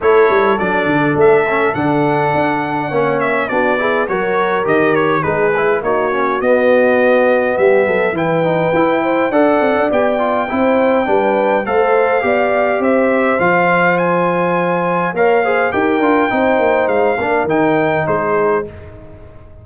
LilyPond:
<<
  \new Staff \with { instrumentName = "trumpet" } { \time 4/4 \tempo 4 = 103 cis''4 d''4 e''4 fis''4~ | fis''4. e''8 d''4 cis''4 | dis''8 cis''8 b'4 cis''4 dis''4~ | dis''4 e''4 g''2 |
fis''4 g''2. | f''2 e''4 f''4 | gis''2 f''4 g''4~ | g''4 f''4 g''4 c''4 | }
  \new Staff \with { instrumentName = "horn" } { \time 4/4 a'1~ | a'4 cis''4 fis'8 gis'8 ais'4~ | ais'4 gis'4 fis'2~ | fis'4 g'8 a'8 b'4. c''8 |
d''2 c''4 b'4 | c''4 d''4 c''2~ | c''2 cis''8 c''8 ais'4 | c''4. ais'4. gis'4 | }
  \new Staff \with { instrumentName = "trombone" } { \time 4/4 e'4 d'4. cis'8 d'4~ | d'4 cis'4 d'8 e'8 fis'4 | g'4 dis'8 e'8 dis'8 cis'8 b4~ | b2 e'8 dis'8 e'4 |
a'4 g'8 f'8 e'4 d'4 | a'4 g'2 f'4~ | f'2 ais'8 gis'8 g'8 f'8 | dis'4. d'8 dis'2 | }
  \new Staff \with { instrumentName = "tuba" } { \time 4/4 a8 g8 fis8 d8 a4 d4 | d'4 ais4 b4 fis4 | dis4 gis4 ais4 b4~ | b4 g8 fis8 e4 e'4 |
d'8 c'16 d'16 b4 c'4 g4 | a4 b4 c'4 f4~ | f2 ais4 dis'8 d'8 | c'8 ais8 gis8 ais8 dis4 gis4 | }
>>